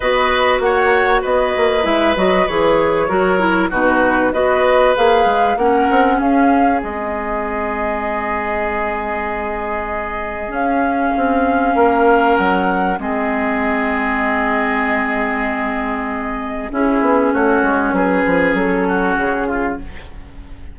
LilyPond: <<
  \new Staff \with { instrumentName = "flute" } { \time 4/4 \tempo 4 = 97 dis''4 fis''4 dis''4 e''8 dis''8 | cis''2 b'4 dis''4 | f''4 fis''4 f''4 dis''4~ | dis''1~ |
dis''4 f''2. | fis''4 dis''2.~ | dis''2. gis'4 | cis''4 b'4 a'4 gis'4 | }
  \new Staff \with { instrumentName = "oboe" } { \time 4/4 b'4 cis''4 b'2~ | b'4 ais'4 fis'4 b'4~ | b'4 ais'4 gis'2~ | gis'1~ |
gis'2. ais'4~ | ais'4 gis'2.~ | gis'2. e'4 | fis'4 gis'4. fis'4 f'8 | }
  \new Staff \with { instrumentName = "clarinet" } { \time 4/4 fis'2. e'8 fis'8 | gis'4 fis'8 e'8 dis'4 fis'4 | gis'4 cis'2 c'4~ | c'1~ |
c'4 cis'2.~ | cis'4 c'2.~ | c'2. cis'4~ | cis'1 | }
  \new Staff \with { instrumentName = "bassoon" } { \time 4/4 b4 ais4 b8 ais8 gis8 fis8 | e4 fis4 b,4 b4 | ais8 gis8 ais8 c'8 cis'4 gis4~ | gis1~ |
gis4 cis'4 c'4 ais4 | fis4 gis2.~ | gis2. cis'8 b8 | a8 gis8 fis8 f8 fis4 cis4 | }
>>